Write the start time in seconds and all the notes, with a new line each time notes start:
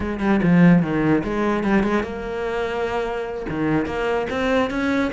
0.00 G#3
0.20 G3
0.42 F3
0.82 D#3
1.24 G#3
1.63 G3
1.83 G#3
2.03 A#3
3.49 D#3
3.86 A#3
4.29 C4
4.70 C#4